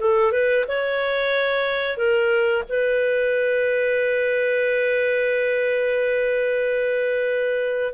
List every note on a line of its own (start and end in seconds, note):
0.00 0.32 A4
0.32 0.65 B4
0.68 1.97 C#5
1.97 2.63 A#4
2.69 7.93 B4